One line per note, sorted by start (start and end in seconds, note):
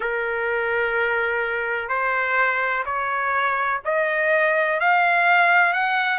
0.00 1.88 A#4
1.88 2.84 C5
2.85 3.81 C#5
3.84 4.80 D#5
4.80 5.73 F5
5.73 6.18 F#5